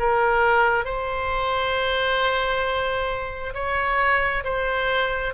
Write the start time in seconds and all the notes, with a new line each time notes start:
0.00 A#4
0.85 C5
3.55 C#5
4.45 C5